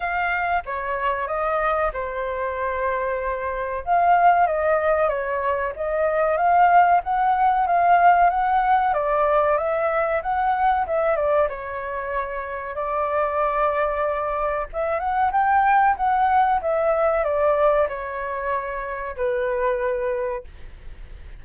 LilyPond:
\new Staff \with { instrumentName = "flute" } { \time 4/4 \tempo 4 = 94 f''4 cis''4 dis''4 c''4~ | c''2 f''4 dis''4 | cis''4 dis''4 f''4 fis''4 | f''4 fis''4 d''4 e''4 |
fis''4 e''8 d''8 cis''2 | d''2. e''8 fis''8 | g''4 fis''4 e''4 d''4 | cis''2 b'2 | }